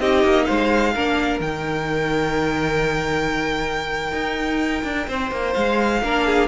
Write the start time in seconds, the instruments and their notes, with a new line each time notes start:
0.00 cello C4, viola D#4, violin G4 D#5
0.24 cello A#3
0.45 cello G#3, violin C5 F5
0.94 cello A#3, viola D4, violin A#4
1.40 cello D#3, viola D#4, violin G5
4.12 cello D#4
4.83 cello D4
5.08 cello C4, violin C5
5.31 cello A#3
5.53 cello G#3, violin F5
6.02 cello A#3, viola D4, violin A#4
6.26 violin G#4